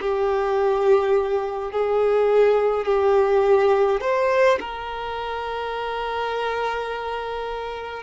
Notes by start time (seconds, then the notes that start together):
0.00 G4
1.71 G#4
2.85 G4
4.00 C5
4.59 A#4